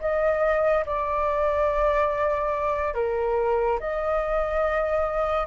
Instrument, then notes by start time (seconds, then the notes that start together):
flute
0.00 D#5
0.86 D5
2.94 A#4
3.80 D#5